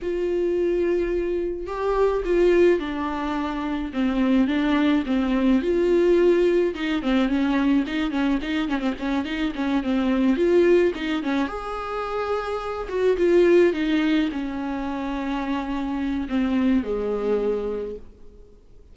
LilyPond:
\new Staff \with { instrumentName = "viola" } { \time 4/4 \tempo 4 = 107 f'2. g'4 | f'4 d'2 c'4 | d'4 c'4 f'2 | dis'8 c'8 cis'4 dis'8 cis'8 dis'8 cis'16 c'16 |
cis'8 dis'8 cis'8 c'4 f'4 dis'8 | cis'8 gis'2~ gis'8 fis'8 f'8~ | f'8 dis'4 cis'2~ cis'8~ | cis'4 c'4 gis2 | }